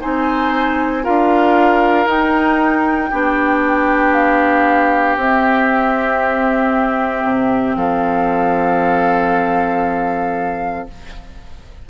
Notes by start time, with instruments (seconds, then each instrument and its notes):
0.00 bassoon C4, clarinet D#4, oboe C5, flute G#5
1.03 bassoon D4, clarinet F4, oboe A#4, flute F5
2.06 bassoon D#4, clarinet D#4, flute G5
3.10 bassoon B3, clarinet D4, oboe G4
4.12 flute F5
5.16 bassoon C4, clarinet C4, flute E5
7.24 bassoon C3
7.76 bassoon F3, oboe A4, flute F5